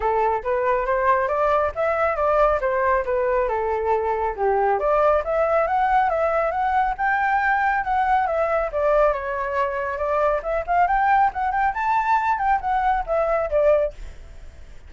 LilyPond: \new Staff \with { instrumentName = "flute" } { \time 4/4 \tempo 4 = 138 a'4 b'4 c''4 d''4 | e''4 d''4 c''4 b'4 | a'2 g'4 d''4 | e''4 fis''4 e''4 fis''4 |
g''2 fis''4 e''4 | d''4 cis''2 d''4 | e''8 f''8 g''4 fis''8 g''8 a''4~ | a''8 g''8 fis''4 e''4 d''4 | }